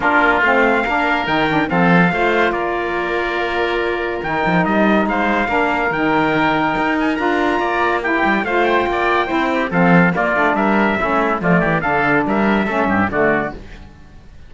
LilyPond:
<<
  \new Staff \with { instrumentName = "trumpet" } { \time 4/4 \tempo 4 = 142 ais'4 f''2 g''4 | f''2 d''2~ | d''2 g''4 dis''4 | f''2 g''2~ |
g''8 gis''8 ais''2 g''4 | f''8 g''2~ g''8 f''4 | d''4 e''2 d''4 | f''4 e''2 d''4 | }
  \new Staff \with { instrumentName = "oboe" } { \time 4/4 f'2 ais'2 | a'4 c''4 ais'2~ | ais'1 | c''4 ais'2.~ |
ais'2 d''4 g'4 | c''4 d''4 c''8 g'8 a'4 | f'4 ais'4 e'4 f'8 g'8 | a'4 ais'4 a'8 g'8 fis'4 | }
  \new Staff \with { instrumentName = "saxophone" } { \time 4/4 d'4 c'4 d'4 dis'8 d'8 | c'4 f'2.~ | f'2 dis'2~ | dis'4 d'4 dis'2~ |
dis'4 f'2 e'4 | f'2 e'4 c'4 | ais8 d'4. cis'4 a4 | d'2 cis'4 a4 | }
  \new Staff \with { instrumentName = "cello" } { \time 4/4 ais4 a4 ais4 dis4 | f4 a4 ais2~ | ais2 dis8 f8 g4 | gis4 ais4 dis2 |
dis'4 d'4 ais4. g8 | a4 ais4 c'4 f4 | ais8 a8 g4 a4 f8 e8 | d4 g4 a8 g,8 d4 | }
>>